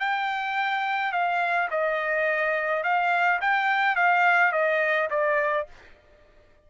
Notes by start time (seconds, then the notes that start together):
0.00 G5
1.12 F5
1.71 D#5
2.84 F5
3.41 G5
3.96 F5
4.53 D#5
5.11 D5